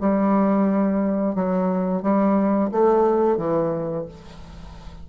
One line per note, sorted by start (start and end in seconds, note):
0.00 1.35 G3
1.35 2.02 F#3
2.02 2.71 G3
2.72 3.37 A3
3.37 4.06 E3